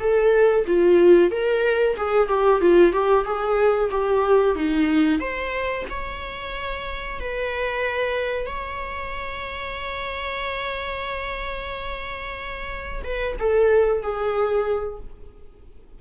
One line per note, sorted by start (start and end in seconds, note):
0.00 0.65 A4
0.67 1.31 F4
1.31 1.97 A#4
1.97 2.29 G#4
2.29 2.61 G4
2.61 2.93 F4
2.93 3.25 G4
3.25 3.90 G#4
3.91 4.56 G4
4.56 5.20 D#4
5.20 5.85 C5
5.90 7.20 C#5
7.20 8.47 B4
8.47 13.03 C#5
13.04 13.37 B4
13.39 14.02 A4
14.02 15.00 G#4